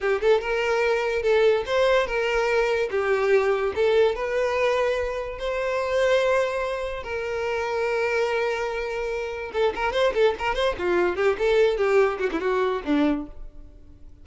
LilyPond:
\new Staff \with { instrumentName = "violin" } { \time 4/4 \tempo 4 = 145 g'8 a'8 ais'2 a'4 | c''4 ais'2 g'4~ | g'4 a'4 b'2~ | b'4 c''2.~ |
c''4 ais'2.~ | ais'2. a'8 ais'8 | c''8 a'8 ais'8 c''8 f'4 g'8 a'8~ | a'8 g'4 fis'16 e'16 fis'4 d'4 | }